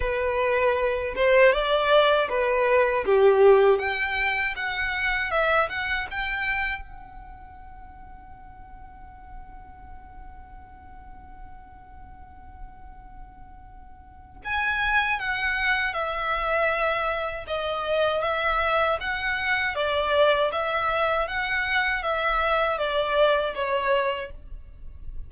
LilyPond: \new Staff \with { instrumentName = "violin" } { \time 4/4 \tempo 4 = 79 b'4. c''8 d''4 b'4 | g'4 g''4 fis''4 e''8 fis''8 | g''4 fis''2.~ | fis''1~ |
fis''2. gis''4 | fis''4 e''2 dis''4 | e''4 fis''4 d''4 e''4 | fis''4 e''4 d''4 cis''4 | }